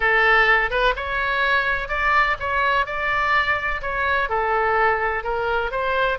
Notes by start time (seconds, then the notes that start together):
0.00 A4
0.70 B4
0.95 C#5
1.88 D5
2.39 C#5
2.85 D5
3.81 C#5
4.29 A4
5.23 A#4
5.71 C5